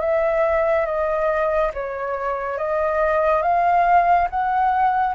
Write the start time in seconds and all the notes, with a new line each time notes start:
0.00 E5
0.86 D#5
1.74 C#5
2.58 D#5
3.42 F5
4.30 F#5